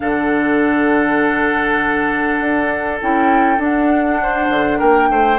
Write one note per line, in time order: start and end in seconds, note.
0.00 2.40 D3
0.00 3.00 D4
0.00 4.21 A4
0.00 2.98 F#5
2.40 3.00 D4
3.01 3.58 C#4
3.01 3.57 E4
3.01 3.62 G5
3.57 5.37 D4
3.57 4.48 D4
3.57 4.79 F#5
4.22 4.78 C5
4.49 4.79 D3
4.78 5.09 A#3
4.78 5.08 A#4
4.78 5.38 G5
5.09 5.38 A3
5.09 5.38 C5